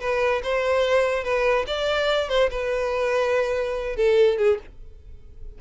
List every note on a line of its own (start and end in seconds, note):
0.00 0.42 B4
0.44 1.24 C5
1.24 1.66 B4
1.67 2.29 D5
2.29 2.50 C5
2.51 3.96 B4
3.96 4.38 A4
4.38 4.59 G#4